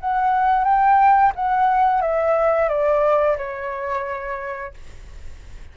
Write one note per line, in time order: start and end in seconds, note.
0.00 0.64 F#5
0.64 1.32 G5
1.35 2.01 F#5
2.01 2.69 E5
2.69 3.37 D5
3.37 4.74 C#5